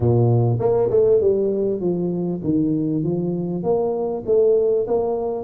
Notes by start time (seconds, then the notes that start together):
0.00 A#2
0.59 A#3
0.90 A3
1.20 G3
1.80 F3
2.43 D#3
3.03 F3
3.63 A#3
4.26 A3
4.87 A#3